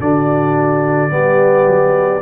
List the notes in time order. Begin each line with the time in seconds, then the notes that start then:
0.00 D3 D4 F#4 D5
1.09 G3 B3 G4
1.66 F#3